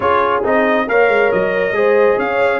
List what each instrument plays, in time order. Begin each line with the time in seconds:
0.00 tuba C#4, trombone F4, horn G#4, trumpet C#5
0.43 tuba C4, trombone D#4, trumpet D#5
0.87 tuba A#3, trombone A#4, horn C#5, trumpet F5
1.08 tuba G#3
1.32 tuba F#3, trumpet D#5
1.71 tuba G#3, trombone G#4, horn C5
2.17 tuba C#4, horn C#5, trumpet F5